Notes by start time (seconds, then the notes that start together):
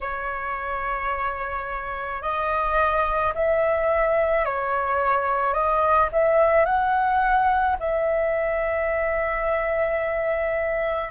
0.00 C#5
2.22 D#5
3.34 E5
4.45 C#5
5.53 D#5
6.12 E5
6.65 F#5
7.79 E5